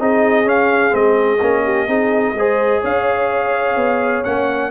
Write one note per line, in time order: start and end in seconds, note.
0.00 0.45 C4
0.00 0.45 D#4
0.00 1.64 G#4
0.00 0.49 D#5
0.45 0.92 C#4
0.45 0.90 C#4
0.45 0.95 F5
0.90 1.41 G#3
0.90 1.37 C4
0.90 2.84 D#5
1.42 1.88 A#3
1.42 1.88 C#4
1.64 1.87 G4
1.87 2.34 C4
1.87 2.35 D#4
1.87 2.34 G#4
2.34 2.81 G#3
2.34 4.25 G#4
2.34 2.82 C5
2.82 3.76 C#4
2.82 4.71 C#5
2.82 4.25 F5
3.76 4.24 B3
4.25 4.71 A#3
4.25 4.71 C#4
4.25 4.71 F#5